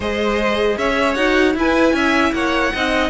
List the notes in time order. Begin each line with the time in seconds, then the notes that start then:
0.00 G#3 G#4 C5 D#5
0.77 C#4 C#5 E5
1.14 D#4 F#4 F#5
1.55 E4 B4 G#5
1.93 C#4 E5
2.32 A#3 C#5 F#5
2.74 C4 D#4 D#5